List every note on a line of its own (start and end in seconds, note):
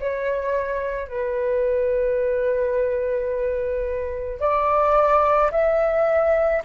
0.00 1.08 C#5
1.08 4.39 B4
4.39 5.51 D5
5.51 6.62 E5